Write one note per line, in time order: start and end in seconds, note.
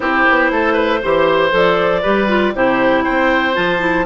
0.00 0.24 C4
0.00 1.01 E4
0.00 0.51 G4
0.00 1.51 C5
0.29 0.51 B3
0.51 1.01 A3
0.51 0.73 A4
0.73 0.98 B4
1.02 1.51 E3
1.02 1.50 G4
1.02 2.02 C5
1.50 2.02 F3
1.50 2.01 A4
1.50 2.56 D5
2.02 2.54 G3
2.02 2.27 G4
2.02 2.53 B4
2.27 2.53 F4
2.54 3.05 C3
2.54 3.53 E4
2.54 3.04 G4
2.54 3.03 C5
3.03 3.56 C4
3.03 4.05 C5
3.03 3.54 G5
3.53 4.06 F3
3.53 3.79 F4
3.53 4.05 A5
3.79 4.04 E4